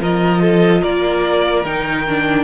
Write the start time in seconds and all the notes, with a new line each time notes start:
0.00 F3 F4 A#4 D#5
0.41 A4
0.81 A#3 A#4 D5
1.64 D#3 D#4 G5
2.07 D4